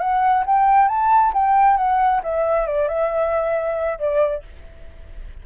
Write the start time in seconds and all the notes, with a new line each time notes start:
0.00 F#5
0.46 G5
0.88 A5
1.34 G5
1.77 F#5
2.23 E5
2.67 D5
2.88 E5
3.99 D5